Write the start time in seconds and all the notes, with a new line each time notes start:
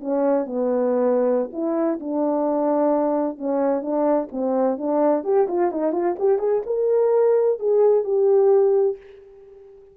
0.00 C#4
0.45 B3
1.52 E4
2.00 D4
3.38 C#4
3.82 D4
4.32 C4
4.78 D4
5.24 G4
5.48 F4
5.71 D#4
5.92 F4
6.19 G4
6.38 G#4
6.66 A#4
7.59 G#4
8.04 G4